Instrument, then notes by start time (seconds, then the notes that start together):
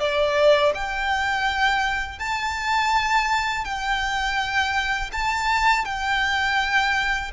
violin
0.00 D5
0.75 G5
2.20 A5
3.65 G5
5.13 A5
5.86 G5